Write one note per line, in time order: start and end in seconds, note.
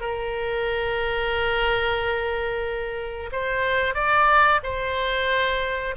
0.00 3.30 A#4
3.31 3.94 C5
3.94 4.60 D5
4.63 5.95 C5